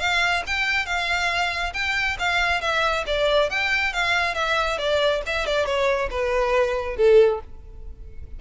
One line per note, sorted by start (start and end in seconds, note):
0.00 0.43 F5
0.47 0.86 G5
0.86 1.73 F5
1.74 2.17 G5
2.20 2.61 F5
2.61 3.05 E5
3.07 3.50 D5
3.50 3.93 G5
3.93 4.35 F5
4.35 4.78 E5
4.79 5.22 D5
5.27 5.47 E5
5.47 5.66 D5
5.66 6.09 C#5
6.11 6.97 B4
6.97 7.41 A4